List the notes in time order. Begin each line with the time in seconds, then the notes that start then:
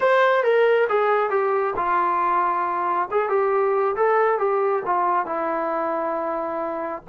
0.00 C5
0.43 A#4
0.89 G#4
1.30 G4
1.76 F4
3.11 G#4
3.29 G4
3.95 A4
4.38 G4
4.85 F4
5.26 E4